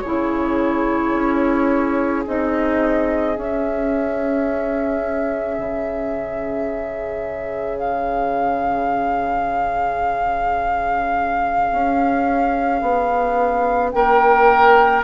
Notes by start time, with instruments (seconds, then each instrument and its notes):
0.00 bassoon C#3, clarinet E4, oboe G#4, flute C#5
1.14 bassoon C#4
2.26 bassoon C4, clarinet D#4, flute D#5
3.36 clarinet C#4, bassoon C#4, flute E5
5.58 bassoon C#3
7.78 flute F5
11.71 bassoon C#4
12.81 bassoon B3
13.91 bassoon A#3, oboe A#4, flute G5